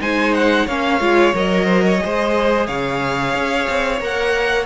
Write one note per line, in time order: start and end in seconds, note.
0.00 0.67 G#3
0.00 0.67 D#4
0.00 0.66 C5
0.00 0.34 G#5
0.34 0.67 F#5
0.66 1.00 A#3
0.66 1.00 C#4
0.66 1.65 C#5
0.66 1.34 F5
1.00 1.33 G#3
1.00 1.33 F4
1.33 2.00 F#3
1.33 1.98 A#4
1.33 2.66 D#5
1.65 1.81 C5
1.86 2.02 C#5
1.98 3.98 G#4
1.98 2.66 C5
2.05 2.67 G#3
2.66 3.34 C#3
2.66 4.65 C#5
2.66 4.00 F5
3.34 3.67 C#4
3.68 4.00 C4
4.00 4.65 A#3
4.00 4.65 A#4
4.00 4.65 F#5